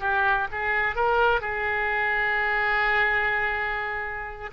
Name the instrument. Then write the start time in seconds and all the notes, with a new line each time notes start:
oboe
0.00 G4
0.51 G#4
0.95 A#4
1.41 G#4